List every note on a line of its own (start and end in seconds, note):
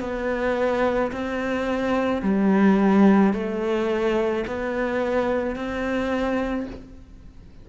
0.00 1.11 B3
1.12 2.22 C4
2.22 3.33 G3
3.33 4.44 A3
4.46 5.56 B3
5.56 6.67 C4